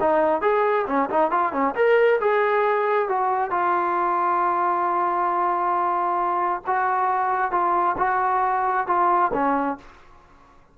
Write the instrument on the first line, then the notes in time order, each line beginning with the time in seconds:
trombone
0.00 D#4
0.41 G#4
0.87 C#4
1.09 D#4
1.31 F4
1.52 C#4
1.75 A#4
2.20 G#4
3.08 F#4
3.51 F4
6.66 F#4
7.51 F4
7.98 F#4
8.87 F4
9.33 C#4